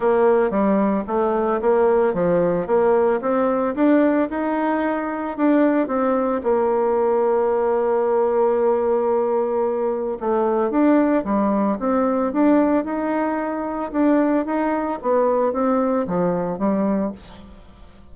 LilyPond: \new Staff \with { instrumentName = "bassoon" } { \time 4/4 \tempo 4 = 112 ais4 g4 a4 ais4 | f4 ais4 c'4 d'4 | dis'2 d'4 c'4 | ais1~ |
ais2. a4 | d'4 g4 c'4 d'4 | dis'2 d'4 dis'4 | b4 c'4 f4 g4 | }